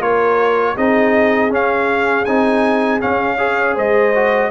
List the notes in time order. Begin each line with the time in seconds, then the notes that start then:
0.00 A#3 F4 A#4 C#5
0.75 C4 D#4 G#4 D#5
1.49 C#4 F5
2.25 C4 D#4 G#5
3.00 C#4 F5
3.37 G#4 C#5
3.75 G#3 C5 D#5
4.15 F#4